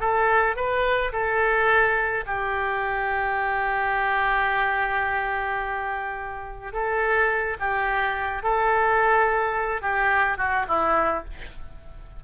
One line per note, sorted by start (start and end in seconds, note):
0.00 0.56 A4
0.56 1.12 B4
1.12 2.25 A4
2.27 6.73 G4
6.73 7.57 A4
7.60 8.43 G4
8.43 9.81 A4
9.81 10.37 G4
10.38 10.66 F#4
10.68 11.24 E4